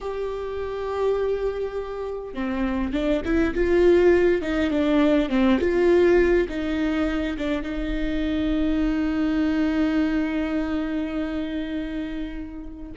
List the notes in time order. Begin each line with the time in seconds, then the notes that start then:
0.01 G4
2.34 C4
2.92 D4
3.24 E4
3.54 F4
4.41 D#4
4.70 D4
5.29 C4
5.59 F4
6.48 D#4
7.37 D4
7.62 D#4